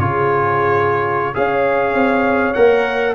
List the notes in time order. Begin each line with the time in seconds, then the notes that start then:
0.00 C#3 F4 G#4 C#5
1.35 C#4 G#4 C#5 F5
1.95 C4
2.54 A#3 A#4 F#5